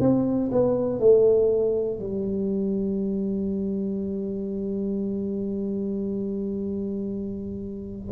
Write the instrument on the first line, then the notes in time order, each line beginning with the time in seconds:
tuba
0.00 C4
0.52 B3
0.99 A3
2.00 G3